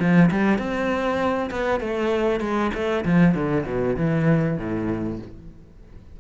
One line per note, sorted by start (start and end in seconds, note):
0.00 0.31 F3
0.31 0.59 G3
0.59 1.51 C4
1.51 1.81 B3
1.81 2.41 A3
2.41 2.71 G#3
2.74 3.05 A3
3.05 3.35 F3
3.35 3.66 D3
3.66 3.97 B2
3.97 4.58 E3
4.58 5.19 A2